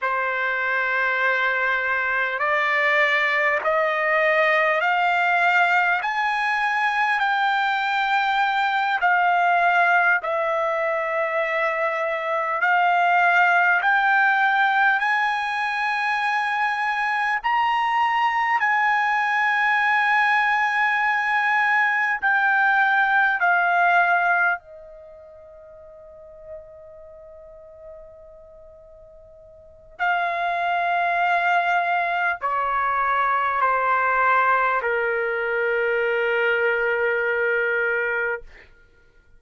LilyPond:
\new Staff \with { instrumentName = "trumpet" } { \time 4/4 \tempo 4 = 50 c''2 d''4 dis''4 | f''4 gis''4 g''4. f''8~ | f''8 e''2 f''4 g''8~ | g''8 gis''2 ais''4 gis''8~ |
gis''2~ gis''8 g''4 f''8~ | f''8 dis''2.~ dis''8~ | dis''4 f''2 cis''4 | c''4 ais'2. | }